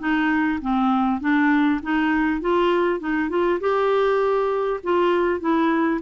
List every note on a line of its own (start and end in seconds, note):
0.00 0.60 D#4
0.62 1.21 C4
1.21 1.81 D4
1.83 2.42 D#4
2.42 3.00 F4
3.00 3.30 D#4
3.30 3.60 F4
3.61 4.81 G4
4.84 5.41 F4
5.41 6.01 E4